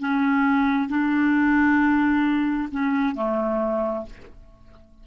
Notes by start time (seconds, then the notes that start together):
0.00 C#4
0.89 D4
2.72 C#4
3.15 A3